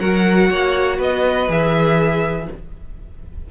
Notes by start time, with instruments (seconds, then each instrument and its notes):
0.00 cello F#3, viola F#4, violin A#4 F#5
0.50 cello A#3, violin C#5
0.98 cello B3, violin B4 D#5
1.48 cello E3, viola G#4, violin E5